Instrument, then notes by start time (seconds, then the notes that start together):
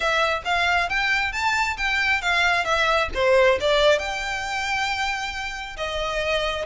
violin
0.00 E5
0.44 F5
0.89 G5
1.32 A5
1.77 G5
2.21 F5
2.64 E5
3.14 C5
3.60 D5
3.98 G5
5.76 D#5